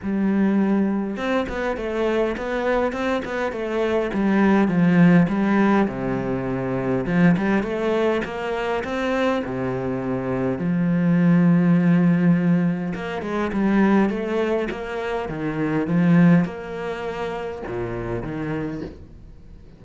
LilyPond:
\new Staff \with { instrumentName = "cello" } { \time 4/4 \tempo 4 = 102 g2 c'8 b8 a4 | b4 c'8 b8 a4 g4 | f4 g4 c2 | f8 g8 a4 ais4 c'4 |
c2 f2~ | f2 ais8 gis8 g4 | a4 ais4 dis4 f4 | ais2 ais,4 dis4 | }